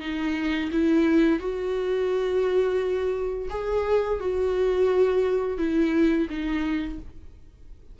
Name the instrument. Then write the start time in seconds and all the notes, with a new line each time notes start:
viola
0.00 D#4
0.72 E4
1.39 F#4
3.50 G#4
4.20 F#4
5.58 E4
6.29 D#4